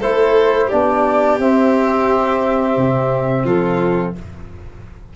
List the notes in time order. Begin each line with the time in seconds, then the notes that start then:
0.00 A3 E4 A4 C5
0.67 B3 D4 G4 D5
1.39 C4 E5
2.77 C3
3.44 F3 F4 A4